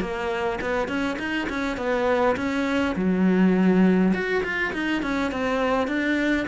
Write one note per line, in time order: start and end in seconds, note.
0.00 0.59 A#3
0.60 0.88 B3
0.88 1.17 C#4
1.18 1.48 D#4
1.49 1.77 C#4
1.77 2.36 B3
2.36 2.95 C#4
2.95 4.13 F#3
4.13 4.43 F#4
4.43 4.72 F4
4.73 5.02 D#4
5.02 5.31 C#4
5.31 5.87 C4
5.87 6.46 D4